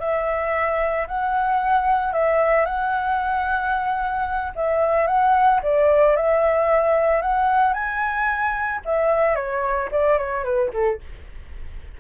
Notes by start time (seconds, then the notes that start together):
0.00 E5
1.08 F#5
2.13 E5
2.65 F#5
4.56 E5
5.07 F#5
5.63 D5
6.17 E5
7.22 F#5
7.74 G#5
8.85 E5
9.36 C#5
9.92 D5
10.18 C#5
10.44 B4
10.74 A4